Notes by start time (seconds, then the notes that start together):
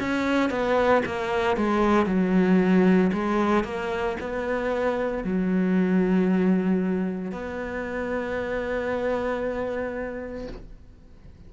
0.00 C#4
0.50 B3
1.06 A#3
1.56 G#3
2.06 F#3
3.12 G#3
3.64 A#3
4.21 B3
5.24 F#3
7.32 B3